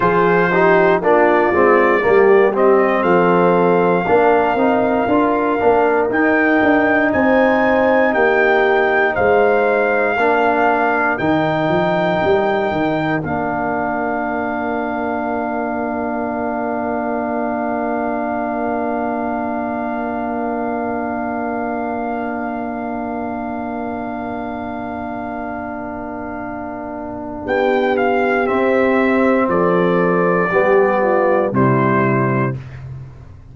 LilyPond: <<
  \new Staff \with { instrumentName = "trumpet" } { \time 4/4 \tempo 4 = 59 c''4 d''4. dis''8 f''4~ | f''2 g''4 gis''4 | g''4 f''2 g''4~ | g''4 f''2.~ |
f''1~ | f''1~ | f''2. g''8 f''8 | e''4 d''2 c''4 | }
  \new Staff \with { instrumentName = "horn" } { \time 4/4 gis'8 g'8 f'4 g'4 a'4 | ais'2. c''4 | g'4 c''4 ais'2~ | ais'1~ |
ais'1~ | ais'1~ | ais'2. g'4~ | g'4 a'4 g'8 f'8 e'4 | }
  \new Staff \with { instrumentName = "trombone" } { \time 4/4 f'8 dis'8 d'8 c'8 ais8 c'4. | d'8 dis'8 f'8 d'8 dis'2~ | dis'2 d'4 dis'4~ | dis'4 d'2.~ |
d'1~ | d'1~ | d'1 | c'2 b4 g4 | }
  \new Staff \with { instrumentName = "tuba" } { \time 4/4 f4 ais8 gis8 g4 f4 | ais8 c'8 d'8 ais8 dis'8 d'8 c'4 | ais4 gis4 ais4 dis8 f8 | g8 dis8 ais2.~ |
ais1~ | ais1~ | ais2. b4 | c'4 f4 g4 c4 | }
>>